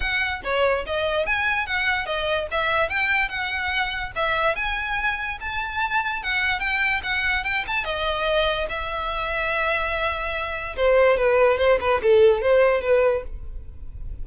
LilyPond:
\new Staff \with { instrumentName = "violin" } { \time 4/4 \tempo 4 = 145 fis''4 cis''4 dis''4 gis''4 | fis''4 dis''4 e''4 g''4 | fis''2 e''4 gis''4~ | gis''4 a''2 fis''4 |
g''4 fis''4 g''8 a''8 dis''4~ | dis''4 e''2.~ | e''2 c''4 b'4 | c''8 b'8 a'4 c''4 b'4 | }